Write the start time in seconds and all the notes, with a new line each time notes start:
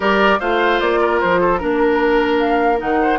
0.00 G3 G4 A#4 D5
0.40 A3 F4 C5 F5
0.80 A#3 D5
1.00 A#4
1.20 F3 C5
1.40 A4
1.58 A#3 D4 A#4
2.39 F5
2.77 D#3 D#4 F#5
3.01 C5